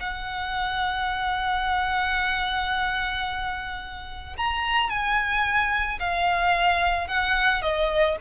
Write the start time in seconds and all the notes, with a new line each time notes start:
0.00 F#5
4.37 A#5
4.90 G#5
6.00 F5
7.08 F#5
7.62 D#5